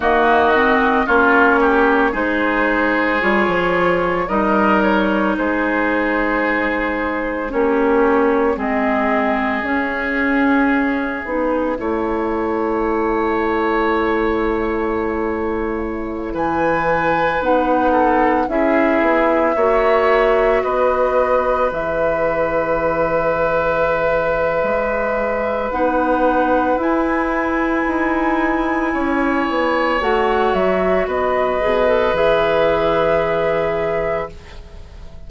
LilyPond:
<<
  \new Staff \with { instrumentName = "flute" } { \time 4/4 \tempo 4 = 56 dis''4 cis''4 c''4 cis''4 | dis''8 cis''8 c''2 cis''4 | dis''4 e''2.~ | e''2.~ e''16 gis''8.~ |
gis''16 fis''4 e''2 dis''8.~ | dis''16 e''2.~ e''8. | fis''4 gis''2. | fis''8 e''8 dis''4 e''2 | }
  \new Staff \with { instrumentName = "oboe" } { \time 4/4 fis'4 f'8 g'8 gis'2 | ais'4 gis'2 g'4 | gis'2. cis''4~ | cis''2.~ cis''16 b'8.~ |
b'8. a'8 gis'4 cis''4 b'8.~ | b'1~ | b'2. cis''4~ | cis''4 b'2. | }
  \new Staff \with { instrumentName = "clarinet" } { \time 4/4 ais8 c'8 cis'4 dis'4 f'4 | dis'2. cis'4 | c'4 cis'4. dis'8 e'4~ | e'1~ |
e'16 dis'4 e'4 fis'4.~ fis'16~ | fis'16 gis'2.~ gis'8. | dis'4 e'2. | fis'4. gis'16 a'16 gis'2 | }
  \new Staff \with { instrumentName = "bassoon" } { \time 4/4 dis4 ais4 gis4 g16 f8. | g4 gis2 ais4 | gis4 cis'4. b8 a4~ | a2.~ a16 e8.~ |
e16 b4 cis'8 b8 ais4 b8.~ | b16 e2~ e8. gis4 | b4 e'4 dis'4 cis'8 b8 | a8 fis8 b8 b,8 e2 | }
>>